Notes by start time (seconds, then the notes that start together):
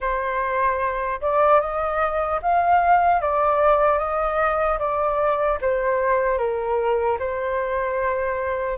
0.00 C5
1.21 D5
1.60 D#5
2.42 F5
3.21 D5
3.98 D#5
4.78 D5
5.61 C5
6.37 A#4
7.19 C5